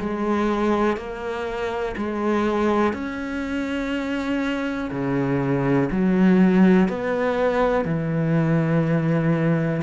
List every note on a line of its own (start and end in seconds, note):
0.00 0.97 G#3
0.97 1.95 A#3
1.97 2.94 G#3
2.94 4.90 C#4
4.91 5.89 C#3
5.92 6.89 F#3
6.89 7.85 B3
7.85 9.82 E3